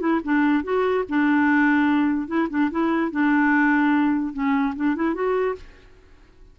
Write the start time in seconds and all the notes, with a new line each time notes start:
0.00 E4
0.24 D4
0.64 F#4
1.09 D4
2.28 E4
2.50 D4
2.71 E4
3.11 D4
4.33 C#4
4.76 D4
4.96 E4
5.14 F#4